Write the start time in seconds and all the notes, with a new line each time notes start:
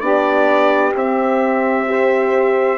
0.00 B3 D4 G4 D5
0.94 C4 E5
1.86 G4 C5